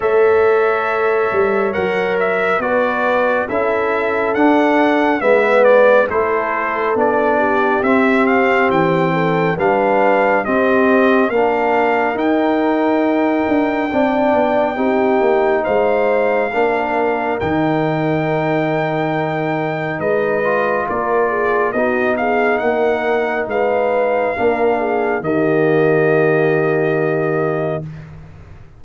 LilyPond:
<<
  \new Staff \with { instrumentName = "trumpet" } { \time 4/4 \tempo 4 = 69 e''2 fis''8 e''8 d''4 | e''4 fis''4 e''8 d''8 c''4 | d''4 e''8 f''8 g''4 f''4 | dis''4 f''4 g''2~ |
g''2 f''2 | g''2. dis''4 | d''4 dis''8 f''8 fis''4 f''4~ | f''4 dis''2. | }
  \new Staff \with { instrumentName = "horn" } { \time 4/4 cis''2. b'4 | a'2 b'4 a'4~ | a'8 g'2 a'8 b'4 | g'4 ais'2. |
d''4 g'4 c''4 ais'4~ | ais'2. b'4 | ais'8 gis'8 fis'8 gis'8 ais'4 b'4 | ais'8 gis'8 g'2. | }
  \new Staff \with { instrumentName = "trombone" } { \time 4/4 a'2 ais'4 fis'4 | e'4 d'4 b4 e'4 | d'4 c'2 d'4 | c'4 d'4 dis'2 |
d'4 dis'2 d'4 | dis'2.~ dis'8 f'8~ | f'4 dis'2. | d'4 ais2. | }
  \new Staff \with { instrumentName = "tuba" } { \time 4/4 a4. g8 fis4 b4 | cis'4 d'4 gis4 a4 | b4 c'4 e4 g4 | c'4 ais4 dis'4. d'8 |
c'8 b8 c'8 ais8 gis4 ais4 | dis2. gis4 | ais4 b4 ais4 gis4 | ais4 dis2. | }
>>